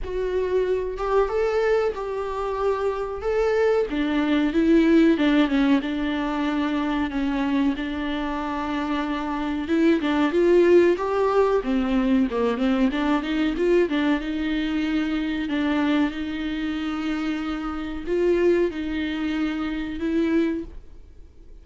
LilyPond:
\new Staff \with { instrumentName = "viola" } { \time 4/4 \tempo 4 = 93 fis'4. g'8 a'4 g'4~ | g'4 a'4 d'4 e'4 | d'8 cis'8 d'2 cis'4 | d'2. e'8 d'8 |
f'4 g'4 c'4 ais8 c'8 | d'8 dis'8 f'8 d'8 dis'2 | d'4 dis'2. | f'4 dis'2 e'4 | }